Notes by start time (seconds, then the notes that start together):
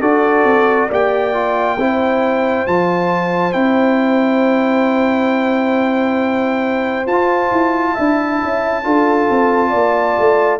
0.00 D4 F#4 A4 D5
0.44 C4
0.88 A#3 G4 D5 G5
1.33 F4
1.78 C4 E4 C5
2.67 F3 F4 A5
3.52 C4 E4 G5
7.06 F4 A5
7.51 E4
7.93 D4 E4 E5
8.42 C#4
8.83 D4 F4 A4
9.29 C4
9.69 A#3 D5
10.19 A3